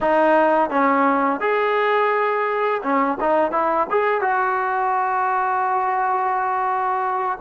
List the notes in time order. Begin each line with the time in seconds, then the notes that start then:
0.00 D#4
0.70 C#4
1.40 G#4
2.82 C#4
3.20 D#4
3.51 E4
3.90 G#4
4.21 F#4